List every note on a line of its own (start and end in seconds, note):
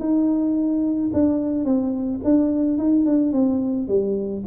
0.00 1.11 D#4
1.13 1.65 D4
1.65 2.21 C4
2.24 2.78 D4
2.78 3.06 D#4
3.06 3.33 D4
3.33 3.88 C4
3.88 4.44 G3